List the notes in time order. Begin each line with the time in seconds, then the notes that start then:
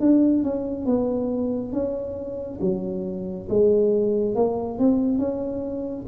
0.00 D4
0.43 C#4
0.86 B3
1.72 C#4
2.61 F#3
3.49 G#3
4.36 A#3
4.79 C4
5.19 C#4